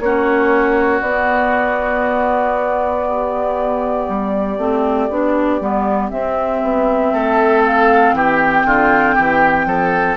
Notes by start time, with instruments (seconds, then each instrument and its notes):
0.00 bassoon A#3, clarinet C#4, oboe F#4, flute C#5
1.01 bassoon B3, clarinet B3, flute D5
3.08 oboe G4
4.09 bassoon G3
4.59 bassoon A3, clarinet C4
5.10 bassoon B3, clarinet D4
5.61 bassoon G3, clarinet B3
6.10 clarinet C4, bassoon C4, flute E5
6.63 bassoon B3
7.13 bassoon A3, oboe A4
7.66 flute F5
8.13 bassoon E3, oboe G4, flute G5
8.65 bassoon D3, oboe F4
9.15 bassoon E3, oboe G4
9.66 bassoon F3, oboe A4